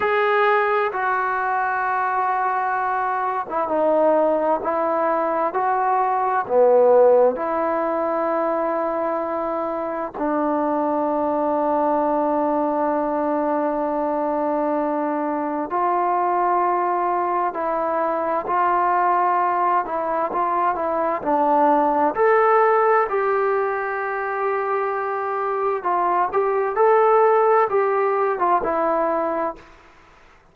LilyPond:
\new Staff \with { instrumentName = "trombone" } { \time 4/4 \tempo 4 = 65 gis'4 fis'2~ fis'8. e'16 | dis'4 e'4 fis'4 b4 | e'2. d'4~ | d'1~ |
d'4 f'2 e'4 | f'4. e'8 f'8 e'8 d'4 | a'4 g'2. | f'8 g'8 a'4 g'8. f'16 e'4 | }